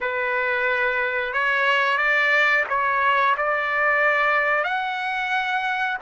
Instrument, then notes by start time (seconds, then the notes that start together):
trumpet
0.00 B4
1.33 C#5
1.97 D5
2.68 C#5
3.37 D5
4.63 F#5